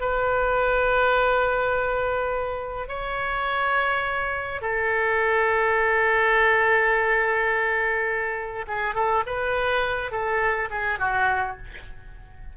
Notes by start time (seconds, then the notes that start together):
0.00 B4
2.88 C#5
4.61 A4
8.67 G#4
8.94 A4
9.26 B4
10.11 A4
10.70 G#4
10.99 F#4